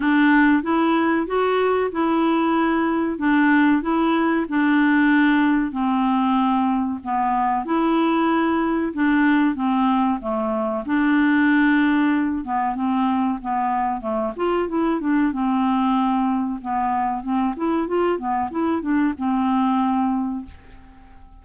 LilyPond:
\new Staff \with { instrumentName = "clarinet" } { \time 4/4 \tempo 4 = 94 d'4 e'4 fis'4 e'4~ | e'4 d'4 e'4 d'4~ | d'4 c'2 b4 | e'2 d'4 c'4 |
a4 d'2~ d'8 b8 | c'4 b4 a8 f'8 e'8 d'8 | c'2 b4 c'8 e'8 | f'8 b8 e'8 d'8 c'2 | }